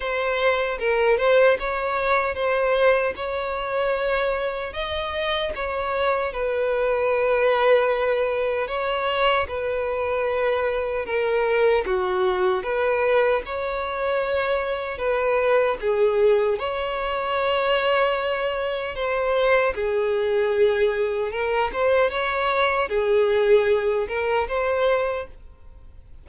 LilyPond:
\new Staff \with { instrumentName = "violin" } { \time 4/4 \tempo 4 = 76 c''4 ais'8 c''8 cis''4 c''4 | cis''2 dis''4 cis''4 | b'2. cis''4 | b'2 ais'4 fis'4 |
b'4 cis''2 b'4 | gis'4 cis''2. | c''4 gis'2 ais'8 c''8 | cis''4 gis'4. ais'8 c''4 | }